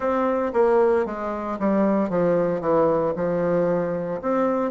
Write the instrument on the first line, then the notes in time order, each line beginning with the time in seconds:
bassoon
0.00 C4
0.53 A#3
1.05 G#3
1.59 G3
2.09 F3
2.60 E3
3.16 F3
4.21 C4